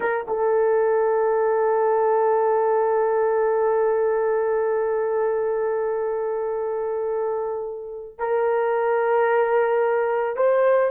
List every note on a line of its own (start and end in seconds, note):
0.00 0.26 A#4
0.27 8.18 A4
8.18 10.36 A#4
10.36 10.90 C5